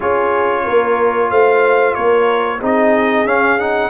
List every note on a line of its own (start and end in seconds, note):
0.00 0.66 C#4
0.00 2.59 F4
0.00 0.63 G#4
0.00 1.31 C#5
0.64 1.30 A#3
0.64 1.29 A#4
1.30 1.96 A3
1.30 1.96 C5
1.30 1.94 F5
1.94 2.62 A#3
1.94 2.60 A#4
1.94 2.59 C#5
2.60 3.25 C4
2.60 3.26 D#4
2.60 3.90 G#4
2.60 3.27 D#5
3.25 3.90 C#4
3.25 3.59 C#4
3.25 3.59 F5
3.59 3.90 D#4
3.59 3.90 F#5